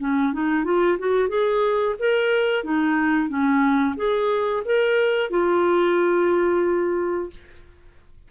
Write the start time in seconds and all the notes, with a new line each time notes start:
0.00 C#4
0.33 D#4
0.65 F4
0.99 F#4
1.29 G#4
1.99 A#4
2.64 D#4
3.29 C#4
3.97 G#4
4.66 A#4
5.31 F4